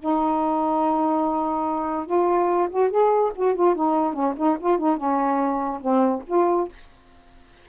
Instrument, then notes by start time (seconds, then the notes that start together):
saxophone
0.00 D#4
2.07 F4
2.70 F#4
2.91 G#4
3.36 F#4
3.55 F4
3.75 D#4
4.14 C#4
4.37 D#4
4.60 F4
4.79 D#4
4.97 C#4
5.81 C4
6.27 F4